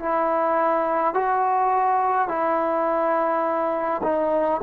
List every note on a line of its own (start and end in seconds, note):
0.00 1.14 E4
1.14 2.29 F#4
2.29 4.02 E4
4.03 4.61 D#4